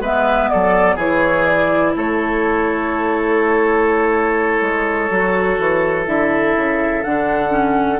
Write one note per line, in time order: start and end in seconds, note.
0.00 0.48 G#3
0.00 0.99 B3
0.00 0.49 B4
0.00 0.49 E5
0.49 0.96 F#3
0.49 0.95 A4
0.49 0.97 D5
0.95 1.93 E3
0.95 5.11 E4
0.95 1.92 G#4
0.95 1.46 C#5
1.46 1.94 D5
1.96 4.61 A3
1.96 7.99 A4
1.96 6.06 C#5
4.61 5.09 G#3
5.10 5.58 F#3
5.10 6.05 F#4
5.58 6.06 E3
6.05 6.55 D3
6.05 7.02 E4
6.05 7.03 E5
6.55 7.04 C#3
7.03 7.99 D3
7.03 7.49 D4
7.03 7.99 F#5
7.49 7.97 C#4